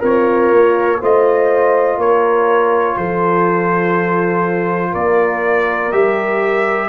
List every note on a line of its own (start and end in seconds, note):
0.00 0.52 C4
0.00 1.00 F4
0.00 0.98 A#4
0.00 1.03 C#5
0.52 1.01 A#3
1.00 1.98 A3
1.00 5.92 F4
1.00 1.98 C5
1.00 2.00 D#5
1.98 2.97 A#3
1.98 2.97 A#4
1.98 2.98 C#5
2.97 4.94 F3
2.97 4.91 A4
2.97 4.94 C5
4.91 5.92 A#3
4.91 6.88 A#4
4.91 5.92 D5
5.92 6.90 G3
5.92 6.90 G4
5.92 6.90 E5